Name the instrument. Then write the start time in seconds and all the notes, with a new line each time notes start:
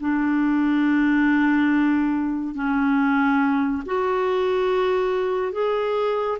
clarinet
0.00 D4
2.54 C#4
3.85 F#4
5.52 G#4